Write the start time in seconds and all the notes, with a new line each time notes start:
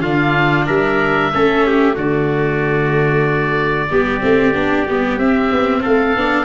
0.00 D3 D4 F4 F5
0.66 G3 A#4 E5
1.33 A3 C#4 A4
1.66 G4
1.93 D3 A3 F#4 D5
3.91 G3 B3 G4
4.20 A3 C4
4.54 B3 D4
4.85 G3 B3
5.17 C4 E5
5.51 B3
5.82 A3 A4 F5
6.15 B3 D4